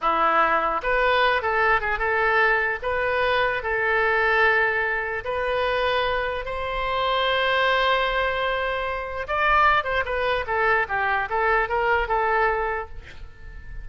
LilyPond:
\new Staff \with { instrumentName = "oboe" } { \time 4/4 \tempo 4 = 149 e'2 b'4. a'8~ | a'8 gis'8 a'2 b'4~ | b'4 a'2.~ | a'4 b'2. |
c''1~ | c''2. d''4~ | d''8 c''8 b'4 a'4 g'4 | a'4 ais'4 a'2 | }